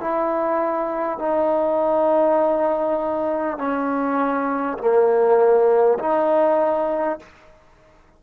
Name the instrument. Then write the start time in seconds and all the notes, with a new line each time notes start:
trombone
0.00 E4
1.19 D#4
3.58 C#4
4.78 A#3
5.99 D#4